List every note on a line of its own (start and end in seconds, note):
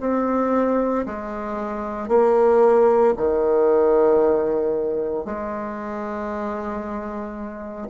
0.00 1.05 C4
1.06 2.08 G#3
2.08 3.13 A#3
3.17 5.25 D#3
5.25 7.88 G#3